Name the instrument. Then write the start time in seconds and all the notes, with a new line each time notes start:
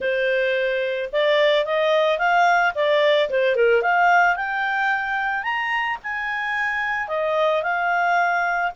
clarinet
0.00 C5
1.12 D5
1.65 D#5
2.18 F5
2.74 D5
3.29 C5
3.55 A#4
3.82 F5
4.36 G5
5.43 A#5
6.03 G#5
7.08 D#5
7.62 F5